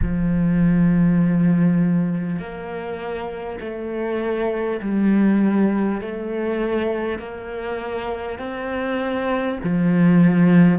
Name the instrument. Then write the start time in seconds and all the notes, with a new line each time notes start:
cello
0.02 F3
2.39 A#3
3.60 A3
4.81 G3
6.01 A3
7.18 A#3
8.38 C4
9.63 F3